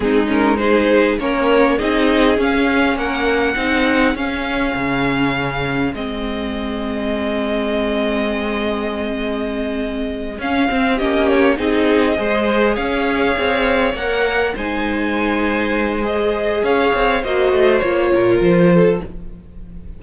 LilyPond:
<<
  \new Staff \with { instrumentName = "violin" } { \time 4/4 \tempo 4 = 101 gis'8 ais'8 c''4 cis''4 dis''4 | f''4 fis''2 f''4~ | f''2 dis''2~ | dis''1~ |
dis''4. f''4 dis''8 cis''8 dis''8~ | dis''4. f''2 fis''8~ | fis''8 gis''2~ gis''8 dis''4 | f''4 dis''4 cis''4 c''4 | }
  \new Staff \with { instrumentName = "violin" } { \time 4/4 dis'4 gis'4 ais'4 gis'4~ | gis'4 ais'4 gis'2~ | gis'1~ | gis'1~ |
gis'2~ gis'8 g'4 gis'8~ | gis'8 c''4 cis''2~ cis''8~ | cis''8 c''2.~ c''8 | cis''4 c''4. ais'4 a'8 | }
  \new Staff \with { instrumentName = "viola" } { \time 4/4 c'8 cis'8 dis'4 cis'4 dis'4 | cis'2 dis'4 cis'4~ | cis'2 c'2~ | c'1~ |
c'4. cis'8 c'8 cis'4 dis'8~ | dis'8 gis'2. ais'8~ | ais'8 dis'2~ dis'8 gis'4~ | gis'4 fis'4 f'2 | }
  \new Staff \with { instrumentName = "cello" } { \time 4/4 gis2 ais4 c'4 | cis'4 ais4 c'4 cis'4 | cis2 gis2~ | gis1~ |
gis4. cis'8 c'8 ais4 c'8~ | c'8 gis4 cis'4 c'4 ais8~ | ais8 gis2.~ gis8 | cis'8 c'8 ais8 a8 ais8 ais,8 f4 | }
>>